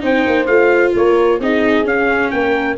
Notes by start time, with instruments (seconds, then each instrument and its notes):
0.00 tuba C4, viola D#4, horn C5, trumpet G5
0.27 tuba A#3
0.46 tuba A3, viola F4, trumpet F5
0.95 tuba A#3, horn A#4, trumpet C#5
1.40 tuba C4, viola D#4, horn G#4, trumpet D#5
1.84 viola C#4, tuba C#4, trumpet F5
2.31 tuba A#3, horn A#4, trumpet G5